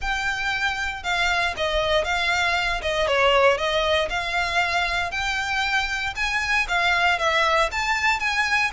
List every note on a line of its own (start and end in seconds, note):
0.01 1.03 G5
1.03 1.54 F5
1.56 2.04 D#5
2.04 2.81 F5
2.82 3.07 D#5
3.07 3.57 C#5
3.57 4.08 D#5
4.09 5.11 F5
5.11 6.14 G5
6.15 6.66 G#5
6.68 7.18 F5
7.18 7.70 E5
7.71 8.19 A5
8.19 8.71 G#5